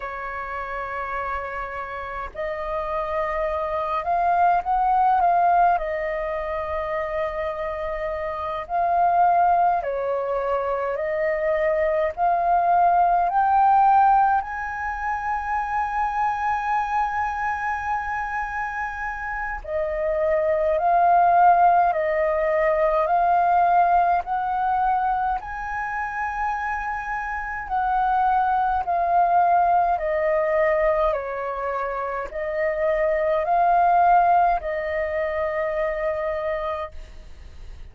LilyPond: \new Staff \with { instrumentName = "flute" } { \time 4/4 \tempo 4 = 52 cis''2 dis''4. f''8 | fis''8 f''8 dis''2~ dis''8 f''8~ | f''8 cis''4 dis''4 f''4 g''8~ | g''8 gis''2.~ gis''8~ |
gis''4 dis''4 f''4 dis''4 | f''4 fis''4 gis''2 | fis''4 f''4 dis''4 cis''4 | dis''4 f''4 dis''2 | }